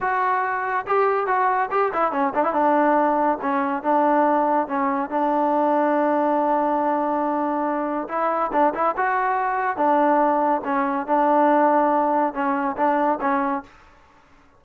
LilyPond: \new Staff \with { instrumentName = "trombone" } { \time 4/4 \tempo 4 = 141 fis'2 g'4 fis'4 | g'8 e'8 cis'8 d'16 e'16 d'2 | cis'4 d'2 cis'4 | d'1~ |
d'2. e'4 | d'8 e'8 fis'2 d'4~ | d'4 cis'4 d'2~ | d'4 cis'4 d'4 cis'4 | }